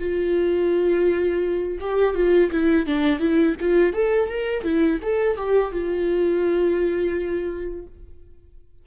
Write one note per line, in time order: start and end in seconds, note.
0.00 1.79 F4
1.81 2.15 G4
2.15 2.51 F4
2.52 2.87 E4
2.87 3.20 D4
3.20 3.56 E4
3.61 3.94 F4
3.94 4.29 A4
4.29 4.64 A#4
4.64 5.00 E4
5.02 5.37 A4
5.37 5.72 G4
5.72 7.87 F4